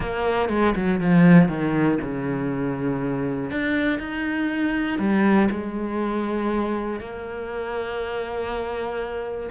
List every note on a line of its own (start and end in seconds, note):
0.00 0.49 A#3
0.49 0.74 G#3
0.75 1.00 F#3
1.00 1.48 F3
1.48 1.98 D#3
2.01 3.50 C#3
3.50 3.99 D4
3.99 4.98 D#4
4.98 5.48 G3
5.50 7.00 G#3
7.00 9.50 A#3